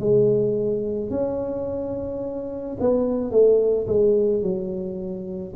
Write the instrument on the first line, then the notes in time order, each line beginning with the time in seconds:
tuba
0.00 G#3
1.11 C#4
2.80 B3
3.31 A3
3.87 G#3
4.42 F#3